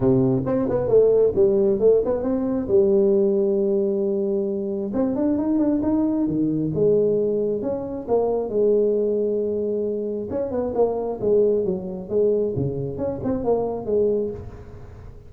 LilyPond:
\new Staff \with { instrumentName = "tuba" } { \time 4/4 \tempo 4 = 134 c4 c'8 b8 a4 g4 | a8 b8 c'4 g2~ | g2. c'8 d'8 | dis'8 d'8 dis'4 dis4 gis4~ |
gis4 cis'4 ais4 gis4~ | gis2. cis'8 b8 | ais4 gis4 fis4 gis4 | cis4 cis'8 c'8 ais4 gis4 | }